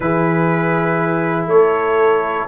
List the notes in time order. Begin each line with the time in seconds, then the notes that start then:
0.00 E3 E4 G#4 B4
1.46 A3 A4 C#5